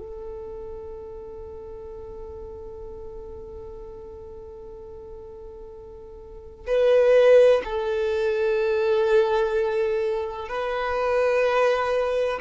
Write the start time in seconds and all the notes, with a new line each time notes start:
0.00 A4
6.68 B4
7.65 A4
10.49 B4